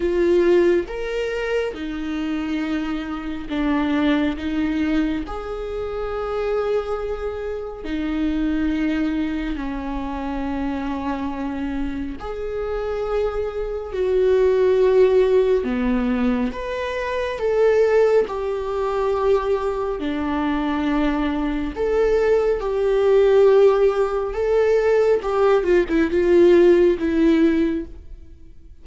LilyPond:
\new Staff \with { instrumentName = "viola" } { \time 4/4 \tempo 4 = 69 f'4 ais'4 dis'2 | d'4 dis'4 gis'2~ | gis'4 dis'2 cis'4~ | cis'2 gis'2 |
fis'2 b4 b'4 | a'4 g'2 d'4~ | d'4 a'4 g'2 | a'4 g'8 f'16 e'16 f'4 e'4 | }